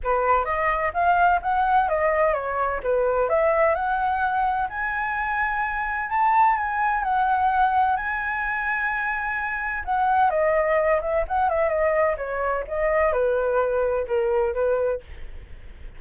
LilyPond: \new Staff \with { instrumentName = "flute" } { \time 4/4 \tempo 4 = 128 b'4 dis''4 f''4 fis''4 | dis''4 cis''4 b'4 e''4 | fis''2 gis''2~ | gis''4 a''4 gis''4 fis''4~ |
fis''4 gis''2.~ | gis''4 fis''4 dis''4. e''8 | fis''8 e''8 dis''4 cis''4 dis''4 | b'2 ais'4 b'4 | }